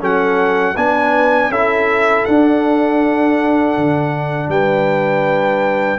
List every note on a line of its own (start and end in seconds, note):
0.00 0.76 F#3
0.00 0.75 C#4
0.00 0.75 A4
0.00 0.77 F#5
0.76 1.49 B3
0.76 1.52 D4
0.76 1.52 B4
0.76 1.52 G#5
1.49 2.24 C#4
1.49 2.28 E4
1.49 4.50 A4
1.49 2.25 E5
2.25 3.77 D4
2.25 5.99 D4
2.25 4.50 F#5
3.77 4.49 D3
4.49 5.99 G3
4.49 5.99 B4
4.49 5.99 G5